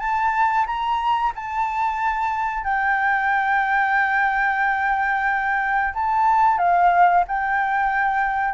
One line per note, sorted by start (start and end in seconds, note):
0.00 0.66 A5
0.67 1.33 A#5
1.36 2.64 A5
2.64 5.94 G5
5.95 6.58 A5
6.58 7.24 F5
7.28 8.55 G5